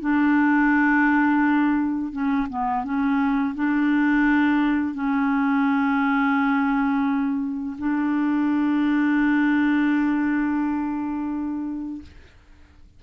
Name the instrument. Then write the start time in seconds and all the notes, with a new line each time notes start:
clarinet
0.00 D4
2.12 C#4
2.49 B3
2.84 C#4
3.55 D4
4.94 C#4
7.78 D4